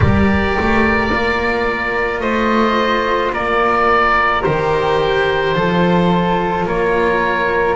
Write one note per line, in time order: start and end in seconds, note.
0.00 0.57 G3
0.00 1.09 G4
0.00 2.22 A#4
0.00 2.20 D5
0.59 1.11 A3
1.11 2.20 A#3
1.11 4.45 F4
2.20 3.31 A3
2.20 3.33 C5
2.20 3.31 D#5
3.31 4.43 A#3
3.31 5.55 A#4
3.31 4.43 D5
4.43 5.55 D#3
4.43 5.55 G4
4.43 6.65 C5
5.55 6.66 F3
5.55 7.75 F4
5.55 6.67 A4
6.66 7.75 A#3
6.66 7.75 A#4
6.66 7.75 C#5